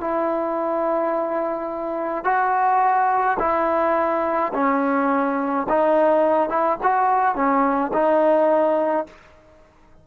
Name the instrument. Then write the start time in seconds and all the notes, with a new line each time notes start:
trombone
0.00 E4
2.24 F#4
3.39 E4
4.53 C#4
5.69 D#4
6.49 E4
6.83 F#4
7.35 C#4
7.93 D#4